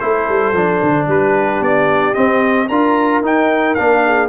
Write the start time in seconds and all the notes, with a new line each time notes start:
0.00 A3 E4 A4 C5
0.29 G3
0.53 F3 D4
0.83 D3
1.08 G3 G4 B4
1.61 B3 D5
2.14 C4 D#5
2.69 D4 F4 A#4 A#5
3.22 D#4 G5
3.75 A#3 D4 F5
4.05 G#4